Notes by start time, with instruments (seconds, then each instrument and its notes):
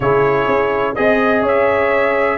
0.00 tuba C#3, trombone E4, horn G#4, trumpet C#5
0.47 tuba C#4
0.95 tuba C4, trombone G#4, trumpet D#5, horn D#5
1.42 tuba C#4, horn C#5, trumpet E5